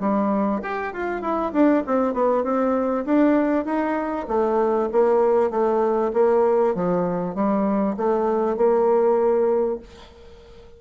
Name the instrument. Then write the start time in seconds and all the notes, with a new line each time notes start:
bassoon
0.00 G3
0.63 G4
0.93 F4
1.22 E4
1.53 D4
1.86 C4
2.14 B3
2.44 C4
3.05 D4
3.65 D#4
4.28 A3
4.92 A#3
5.50 A3
6.13 A#3
6.75 F3
7.35 G3
7.97 A3
8.57 A#3